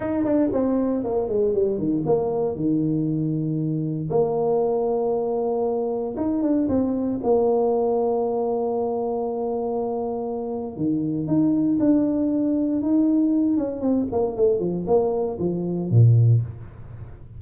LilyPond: \new Staff \with { instrumentName = "tuba" } { \time 4/4 \tempo 4 = 117 dis'8 d'8 c'4 ais8 gis8 g8 dis8 | ais4 dis2. | ais1 | dis'8 d'8 c'4 ais2~ |
ais1~ | ais4 dis4 dis'4 d'4~ | d'4 dis'4. cis'8 c'8 ais8 | a8 f8 ais4 f4 ais,4 | }